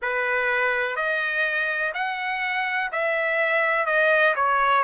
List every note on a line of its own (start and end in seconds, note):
0.01 0.96 B4
0.96 1.93 D#5
1.94 2.90 F#5
2.92 3.86 E5
3.86 4.34 D#5
4.35 4.83 C#5